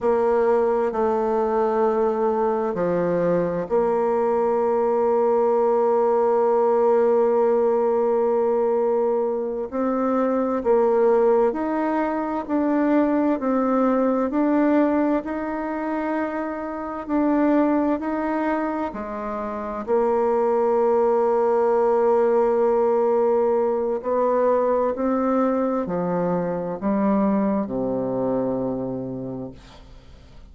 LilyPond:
\new Staff \with { instrumentName = "bassoon" } { \time 4/4 \tempo 4 = 65 ais4 a2 f4 | ais1~ | ais2~ ais8 c'4 ais8~ | ais8 dis'4 d'4 c'4 d'8~ |
d'8 dis'2 d'4 dis'8~ | dis'8 gis4 ais2~ ais8~ | ais2 b4 c'4 | f4 g4 c2 | }